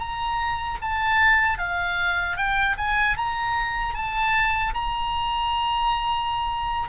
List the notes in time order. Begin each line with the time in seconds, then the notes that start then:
0.00 A#5
0.82 A5
1.59 F5
2.38 G5
2.78 G#5
3.18 A#5
3.95 A5
4.74 A#5